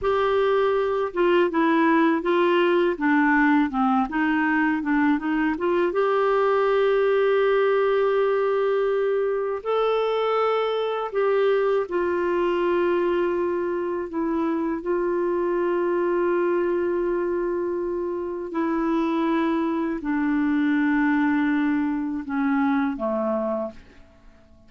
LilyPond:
\new Staff \with { instrumentName = "clarinet" } { \time 4/4 \tempo 4 = 81 g'4. f'8 e'4 f'4 | d'4 c'8 dis'4 d'8 dis'8 f'8 | g'1~ | g'4 a'2 g'4 |
f'2. e'4 | f'1~ | f'4 e'2 d'4~ | d'2 cis'4 a4 | }